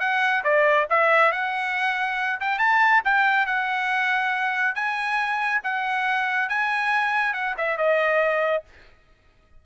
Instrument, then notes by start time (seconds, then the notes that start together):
trumpet
0.00 F#5
0.44 D5
0.90 E5
1.32 F#5
2.40 G5
2.59 A5
3.05 G5
3.46 F#5
4.75 G#5
5.64 F#5
6.49 G#5
7.34 F#5
7.58 E5
7.78 D#5